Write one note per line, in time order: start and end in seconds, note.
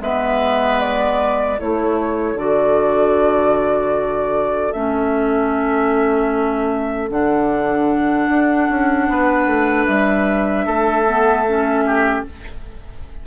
0.00 1.58 G#3
0.00 1.58 B3
0.00 1.59 B4
0.00 0.80 E5
0.80 1.59 D5
1.58 2.34 A3
1.58 2.37 E4
1.58 9.09 A4
1.58 2.38 C#5
2.34 4.71 D3
2.34 4.74 F#4
2.34 4.72 D5
4.72 7.10 A3
4.72 7.10 C#4
4.72 7.09 E5
7.10 8.28 D3
7.10 11.04 D4
7.10 9.86 F#5
8.28 8.68 D4
8.69 9.08 C#4
9.08 9.46 B3
9.08 10.66 B4
9.46 9.86 A3
9.86 10.66 G3
9.86 12.23 E5
10.66 12.24 A3
10.66 11.84 A4
11.06 11.45 B3
11.47 12.26 C#4
11.86 12.25 G4